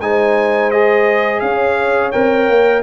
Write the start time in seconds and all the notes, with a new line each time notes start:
0.00 G#3 D#4 C5 G#5
0.71 G#4 D#5
1.40 C#4 C#5 F5
2.12 C4 A#4 G5
2.49 A#3